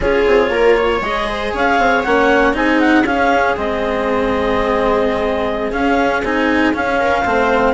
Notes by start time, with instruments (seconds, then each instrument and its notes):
0.00 bassoon C#4, cello F4, viola G#4, clarinet C#5
0.26 bassoon C4
0.49 bassoon A#3, viola A#4
0.76 viola C#5
1.01 bassoon G#3, cello G#4, clarinet D#5
1.28 viola C5
1.53 bassoon C#4, viola C#5, clarinet F5
1.78 bassoon C4
2.03 bassoon A#3, cello C#4, clarinet F#5
2.53 bassoon C4, cello D#4, viola G#4, clarinet G#5
2.79 clarinet F#5
3.04 bassoon C#4, cello C#4, clarinet F5
3.57 bassoon G#3, cello C4, clarinet D#5
5.72 cello C#4, bassoon C#4, clarinet F5
6.23 bassoon C4, cello D#4, clarinet G#5
6.73 cello C#4, bassoon C#4, clarinet F5
6.99 viola A#4
7.22 bassoon A3, cello C4, viola C5